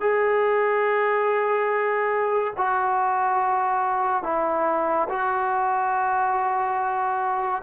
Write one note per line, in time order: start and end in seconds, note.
0.00 2.54 G#4
2.57 4.23 F#4
4.23 5.08 E4
5.09 7.62 F#4